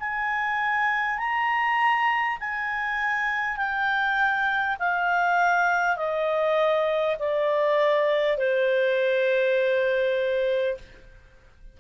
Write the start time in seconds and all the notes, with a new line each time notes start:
0.00 G#5
1.19 A#5
2.41 G#5
3.57 G5
4.79 F5
5.97 D#5
7.19 D5
8.38 C5